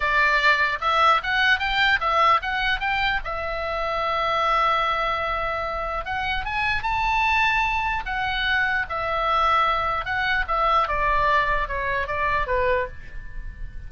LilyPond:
\new Staff \with { instrumentName = "oboe" } { \time 4/4 \tempo 4 = 149 d''2 e''4 fis''4 | g''4 e''4 fis''4 g''4 | e''1~ | e''2. fis''4 |
gis''4 a''2. | fis''2 e''2~ | e''4 fis''4 e''4 d''4~ | d''4 cis''4 d''4 b'4 | }